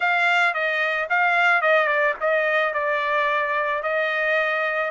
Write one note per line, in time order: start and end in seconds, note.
0.00 0.54 F5
0.54 1.08 D#5
1.09 1.61 F5
1.61 1.87 D#5
1.87 2.14 D5
2.20 2.73 D#5
2.73 3.82 D5
3.82 4.91 D#5